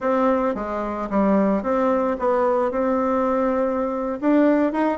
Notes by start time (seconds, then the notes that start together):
0.00 C4
0.55 G#3
1.10 G3
1.62 C4
2.19 B3
2.71 C4
4.20 D4
4.72 D#4